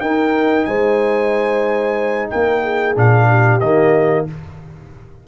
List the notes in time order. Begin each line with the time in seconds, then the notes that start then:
0.00 D#4 A#4 G5
0.65 G#3 C5 G#5
2.30 A#3 A#4 G5
2.63 G#4
2.95 A#2 D4 F5
3.28 G4
3.60 D#3 A#3 D#5